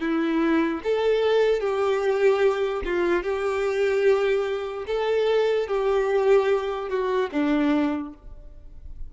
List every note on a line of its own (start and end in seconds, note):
0.00 0.81 E4
0.84 1.61 A4
1.61 2.82 G4
2.85 3.24 F4
3.24 4.86 G4
4.87 5.68 A4
5.68 6.90 G4
6.90 7.30 F#4
7.32 8.13 D4